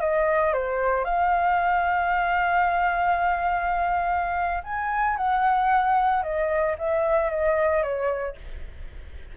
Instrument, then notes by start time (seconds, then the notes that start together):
flute
0.00 D#5
0.53 C5
1.04 F5
4.63 G#5
5.17 F#5
6.23 D#5
6.78 E5
7.30 D#5
7.82 C#5